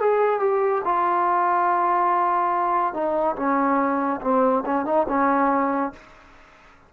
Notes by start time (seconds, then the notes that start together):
0.00 G#4
0.40 G4
0.85 F4
2.93 D#4
3.36 C#4
4.21 C4
4.66 C#4
4.86 D#4
5.09 C#4